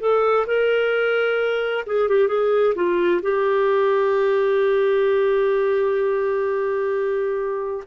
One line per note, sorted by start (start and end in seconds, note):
0.00 0.46 A4
0.47 1.85 A#4
1.87 2.09 G#4
2.09 2.28 G4
2.28 2.74 G#4
2.75 3.21 F4
3.23 7.84 G4